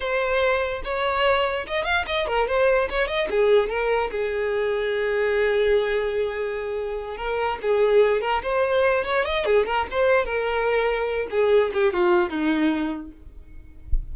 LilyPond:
\new Staff \with { instrumentName = "violin" } { \time 4/4 \tempo 4 = 146 c''2 cis''2 | dis''8 f''8 dis''8 ais'8 c''4 cis''8 dis''8 | gis'4 ais'4 gis'2~ | gis'1~ |
gis'4. ais'4 gis'4. | ais'8 c''4. cis''8 dis''8 gis'8 ais'8 | c''4 ais'2~ ais'8 gis'8~ | gis'8 g'8 f'4 dis'2 | }